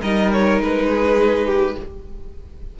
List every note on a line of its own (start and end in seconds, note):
0.00 0.59 G3
0.00 1.78 D#4
0.00 0.87 A#4
0.00 0.31 D#5
0.32 0.61 C#5
0.59 1.75 G#3
0.59 1.79 B4
0.90 1.46 G#4
1.46 1.75 G4